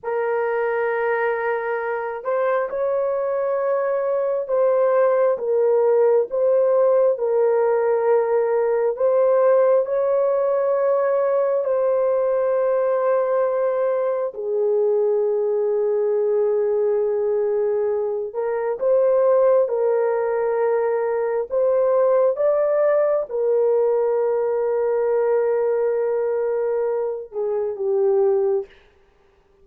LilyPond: \new Staff \with { instrumentName = "horn" } { \time 4/4 \tempo 4 = 67 ais'2~ ais'8 c''8 cis''4~ | cis''4 c''4 ais'4 c''4 | ais'2 c''4 cis''4~ | cis''4 c''2. |
gis'1~ | gis'8 ais'8 c''4 ais'2 | c''4 d''4 ais'2~ | ais'2~ ais'8 gis'8 g'4 | }